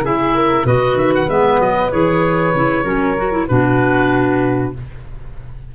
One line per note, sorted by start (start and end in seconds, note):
0.00 0.62 C#3
0.00 0.66 E4
0.00 0.36 G#4
0.00 0.67 E5
0.36 0.66 A#4
0.65 0.95 B2
0.65 1.28 F#4
0.65 2.84 B4
0.65 0.98 D#5
0.95 1.26 D#3
0.95 1.14 E5
1.15 1.30 F#5
1.29 1.60 G#3
1.29 1.91 B3
1.29 1.61 E5
1.60 1.91 F#3
1.60 1.92 D#5
1.92 2.55 E3
1.92 2.54 G#4
1.92 3.48 C#5
2.55 2.84 C#3
2.55 2.85 E4
2.84 3.47 F#3
2.84 3.16 C#4
2.84 3.47 A#4
3.17 3.32 F#4
3.32 3.48 E4
3.48 4.75 B2
3.48 4.74 D4
3.48 4.74 F#4
3.48 4.73 B4